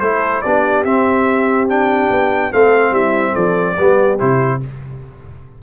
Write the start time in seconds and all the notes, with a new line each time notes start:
0.00 A3 E4 A4 C5
0.42 B3 D4 G4 D5
0.84 C4 E5
1.68 D4 G5
2.10 B3
2.52 A3 C4 A4 F5
2.91 G3 E4 E5
3.32 F3 A4 D5
3.76 G3 B3 G4
4.19 C3 E4 C5